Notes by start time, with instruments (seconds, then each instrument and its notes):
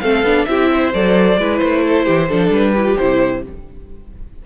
0.00 cello A3, viola C4, violin A4 F5
0.23 cello B3, viola D4
0.46 cello C4, viola E4, violin G4 E5
0.71 violin C5
0.94 cello F#3, viola A4, violin D5
1.38 cello G#3, viola E4, violin B4
1.58 cello A3, violin C5
1.83 violin A4
2.06 cello E3, violin G4
2.29 cello F3, viola D4, violin A4
2.50 cello G3, violin B4
2.71 violin G4
2.77 viola E4
2.85 viola F4
2.97 cello C3, viola E4, violin C5